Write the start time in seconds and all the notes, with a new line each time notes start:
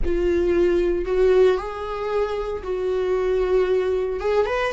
0.05 F4
1.05 F#4
1.57 G#4
2.63 F#4
4.20 G#4
4.46 B4